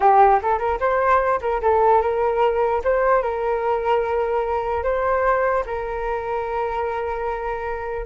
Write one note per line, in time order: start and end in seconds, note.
0.00 0.40 G4
0.42 0.58 A4
0.58 0.79 A#4
0.79 1.39 C5
1.41 1.61 A#4
1.61 2.01 A4
2.01 2.82 A#4
2.84 3.22 C5
3.22 4.83 A#4
4.83 5.63 C5
5.65 8.05 A#4